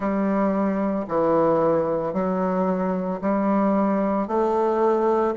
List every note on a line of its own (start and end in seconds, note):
0.00 1.05 G3
1.08 2.13 E3
2.13 3.20 F#3
3.21 4.27 G3
4.27 5.34 A3